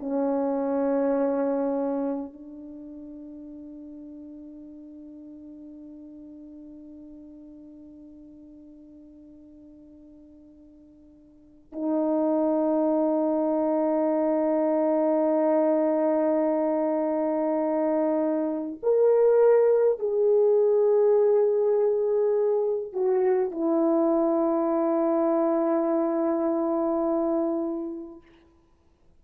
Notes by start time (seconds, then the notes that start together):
0.00 C#4
2.33 D4
11.73 D#4
18.83 A#4
19.99 G#4
22.93 F#4
23.51 E4